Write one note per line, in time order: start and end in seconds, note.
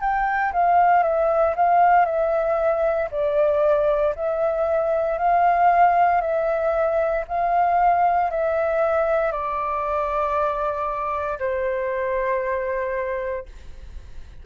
0.00 0.52 G5
0.52 1.03 F5
1.03 1.54 E5
1.56 2.05 F5
2.05 3.08 E5
3.11 4.14 D5
4.15 5.18 E5
5.18 6.21 F5
6.21 7.24 E5
7.27 8.30 F5
8.30 9.32 E5
9.32 11.38 D5
11.38 13.45 C5